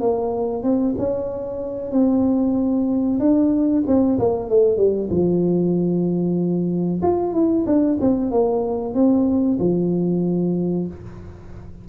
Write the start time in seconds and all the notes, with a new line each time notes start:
0.00 A#3
0.63 C4
0.97 C#4
1.91 C4
3.19 D4
3.87 C4
4.19 A#3
4.49 A3
4.77 G3
5.10 F3
7.02 F4
7.33 E4
7.66 D4
8.00 C4
8.31 A#3
8.94 C4
9.59 F3